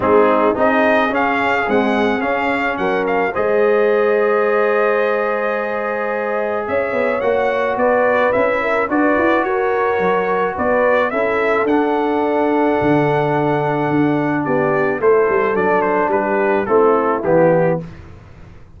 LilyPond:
<<
  \new Staff \with { instrumentName = "trumpet" } { \time 4/4 \tempo 4 = 108 gis'4 dis''4 f''4 fis''4 | f''4 fis''8 f''8 dis''2~ | dis''1 | e''4 fis''4 d''4 e''4 |
d''4 cis''2 d''4 | e''4 fis''2.~ | fis''2 d''4 c''4 | d''8 c''8 b'4 a'4 g'4 | }
  \new Staff \with { instrumentName = "horn" } { \time 4/4 dis'4 gis'2.~ | gis'4 ais'4 c''2~ | c''1 | cis''2 b'4. ais'8 |
b'4 ais'2 b'4 | a'1~ | a'2 g'4 a'4~ | a'4 g'4 e'2 | }
  \new Staff \with { instrumentName = "trombone" } { \time 4/4 c'4 dis'4 cis'4 gis4 | cis'2 gis'2~ | gis'1~ | gis'4 fis'2 e'4 |
fis'1 | e'4 d'2.~ | d'2. e'4 | d'2 c'4 b4 | }
  \new Staff \with { instrumentName = "tuba" } { \time 4/4 gis4 c'4 cis'4 c'4 | cis'4 fis4 gis2~ | gis1 | cis'8 b8 ais4 b4 cis'4 |
d'8 e'8 fis'4 fis4 b4 | cis'4 d'2 d4~ | d4 d'4 b4 a8 g8 | fis4 g4 a4 e4 | }
>>